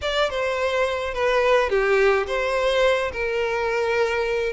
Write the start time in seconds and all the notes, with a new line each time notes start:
0.01 D5
0.30 C5
1.13 B4
1.69 G4
2.26 C5
3.12 A#4